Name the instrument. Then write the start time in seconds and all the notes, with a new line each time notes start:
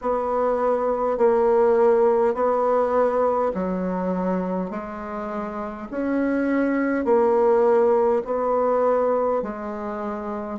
bassoon
0.01 B3
1.17 A#3
2.34 B3
3.54 F#3
4.70 G#3
5.90 C#4
7.04 A#3
8.24 B3
9.42 G#3